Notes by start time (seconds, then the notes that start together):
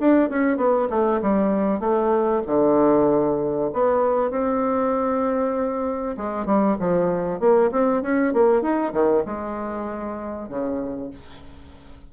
0.00 D4
0.30 C#4
0.58 B3
0.90 A3
1.22 G3
1.80 A3
2.47 D3
3.73 B3
4.31 C4
6.17 G#3
6.46 G3
6.80 F3
7.40 A#3
7.72 C4
8.03 C#4
8.34 A#3
8.62 D#4
8.93 D#3
9.26 G#3
10.49 C#3